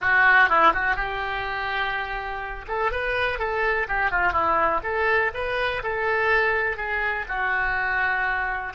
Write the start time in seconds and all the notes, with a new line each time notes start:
0.01 F#4
0.49 E4
0.73 F#4
0.96 G4
2.67 A4
2.91 B4
3.38 A4
3.88 G4
4.10 F4
4.32 E4
4.83 A4
5.34 B4
5.83 A4
6.76 G#4
7.28 F#4